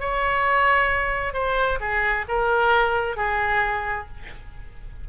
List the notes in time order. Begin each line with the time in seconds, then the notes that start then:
0.00 C#5
1.33 C5
1.80 G#4
2.28 A#4
3.17 G#4